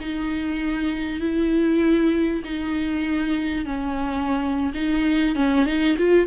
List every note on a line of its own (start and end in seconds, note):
0.00 1.20 D#4
1.20 2.42 E4
2.44 3.65 D#4
3.65 4.72 C#4
4.74 5.35 D#4
5.35 5.65 C#4
5.65 5.96 D#4
5.98 6.26 F4